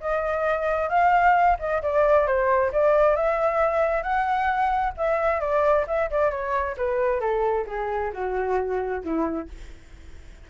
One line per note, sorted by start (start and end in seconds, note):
0.00 0.89 D#5
0.89 1.57 F5
1.59 1.81 D#5
1.82 2.26 D5
2.26 2.71 C5
2.72 3.16 D5
3.16 4.02 E5
4.02 4.92 F#5
4.97 5.40 E5
5.40 5.85 D5
5.87 6.09 E5
6.10 6.30 D5
6.30 6.75 C#5
6.77 7.20 B4
7.20 7.65 A4
7.67 8.12 G#4
8.13 9.03 F#4
9.03 9.48 E4